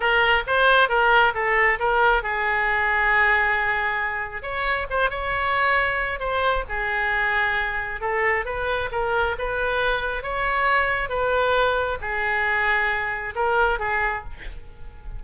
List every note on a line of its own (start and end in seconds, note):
0.00 0.43 A#4
0.46 0.88 C5
0.88 1.33 A#4
1.34 1.79 A4
1.79 2.22 A#4
2.22 4.42 G#4
4.42 4.87 C#5
4.89 5.10 C5
5.10 6.19 C#5
6.19 6.64 C5
6.68 8.00 G#4
8.00 8.45 A4
8.45 8.89 B4
8.91 9.36 A#4
9.38 10.23 B4
10.23 11.09 C#5
11.09 11.98 B4
12.01 13.34 G#4
13.35 13.79 A#4
13.79 14.23 G#4